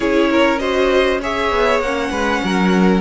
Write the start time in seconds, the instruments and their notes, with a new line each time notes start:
0.00 cello C#4, viola E4, violin G#4 C#5
0.30 violin A#4
0.58 viola F#4, violin C5 D#5
1.21 viola G#4, violin C#5 E5
1.50 cello B3
1.79 cello A#3, viola C#4, violin F#5
2.10 cello G#3, violin B4
2.43 cello F#3, violin A#4